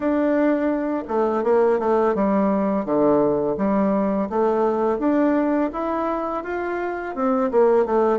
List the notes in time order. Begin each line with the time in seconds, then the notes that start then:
0.00 D4
1.08 A3
1.43 A#3
1.79 A3
2.14 G3
2.85 D3
3.57 G3
4.29 A3
4.98 D4
5.72 E4
6.43 F4
7.15 C4
7.51 A#3
7.85 A3